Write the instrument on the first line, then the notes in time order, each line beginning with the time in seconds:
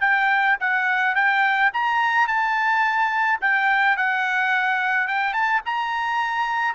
trumpet
0.00 G5
0.59 F#5
1.15 G5
1.73 A#5
2.27 A5
3.40 G5
3.96 F#5
5.07 G5
5.33 A5
5.65 A#5